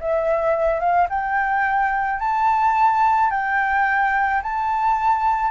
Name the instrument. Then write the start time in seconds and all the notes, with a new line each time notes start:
flute
0.00 E5
0.80 F5
1.09 G5
2.19 A5
3.31 G5
4.43 A5